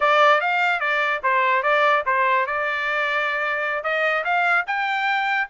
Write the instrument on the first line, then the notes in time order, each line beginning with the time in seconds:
trumpet
0.00 D5
0.40 F5
0.79 D5
1.23 C5
1.62 D5
2.06 C5
2.46 D5
3.83 D#5
4.24 F5
4.66 G5